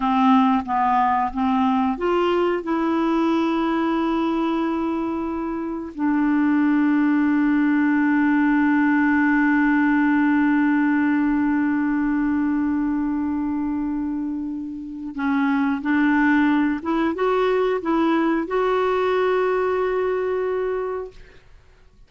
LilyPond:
\new Staff \with { instrumentName = "clarinet" } { \time 4/4 \tempo 4 = 91 c'4 b4 c'4 f'4 | e'1~ | e'4 d'2.~ | d'1~ |
d'1~ | d'2. cis'4 | d'4. e'8 fis'4 e'4 | fis'1 | }